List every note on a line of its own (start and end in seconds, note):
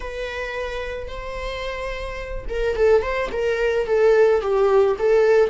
0.00 1.07 B4
1.07 2.45 C5
2.49 2.75 A#4
2.75 3.02 A4
3.02 3.29 C5
3.32 3.86 A#4
3.86 4.41 A4
4.41 4.96 G4
4.98 5.50 A4